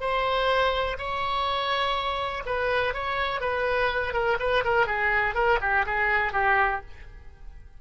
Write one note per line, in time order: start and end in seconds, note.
0.00 0.97 C5
0.98 2.43 C#5
2.45 2.93 B4
2.93 3.40 C#5
3.40 4.13 B4
4.13 4.37 A#4
4.39 4.63 B4
4.64 4.86 A#4
4.86 5.34 G#4
5.34 5.58 A#4
5.61 5.85 G4
5.85 6.32 G#4
6.32 6.81 G4